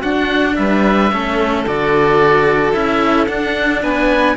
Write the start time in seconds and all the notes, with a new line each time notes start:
0.00 D4 F#4 F#5
0.56 G3 B4 E5
1.11 A3 C#4 A4
1.67 D3 F#4 D5
2.73 C#4 E4 E5
3.27 D4 F#5
3.83 B3 B4 G#5